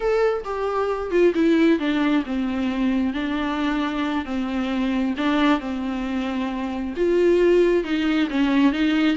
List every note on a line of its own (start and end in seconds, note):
0.00 0.44 A4
0.44 1.11 G4
1.11 1.33 F4
1.34 1.79 E4
1.79 2.23 D4
2.25 3.13 C4
3.13 4.25 D4
4.25 5.14 C4
5.17 5.59 D4
5.59 6.94 C4
6.96 7.84 F4
7.84 8.28 D#4
8.30 8.72 C#4
8.72 9.16 D#4